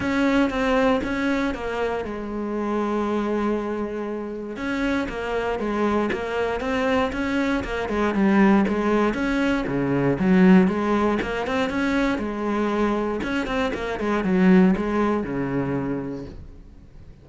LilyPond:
\new Staff \with { instrumentName = "cello" } { \time 4/4 \tempo 4 = 118 cis'4 c'4 cis'4 ais4 | gis1~ | gis4 cis'4 ais4 gis4 | ais4 c'4 cis'4 ais8 gis8 |
g4 gis4 cis'4 cis4 | fis4 gis4 ais8 c'8 cis'4 | gis2 cis'8 c'8 ais8 gis8 | fis4 gis4 cis2 | }